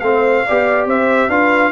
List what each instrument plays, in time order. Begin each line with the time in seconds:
0.00 tuba A3, trombone C4, horn C5, trumpet F5
0.46 tuba B3, trombone G4, horn D5
0.86 tuba C4, horn C5, trumpet E5
1.29 tuba D4, trombone F4, horn B4, trumpet F5